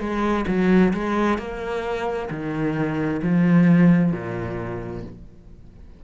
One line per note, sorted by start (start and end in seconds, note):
0.00 0.45 G#3
0.48 0.93 F#3
0.94 1.39 G#3
1.39 2.30 A#3
2.31 3.21 D#3
3.23 4.12 F3
4.12 5.03 A#2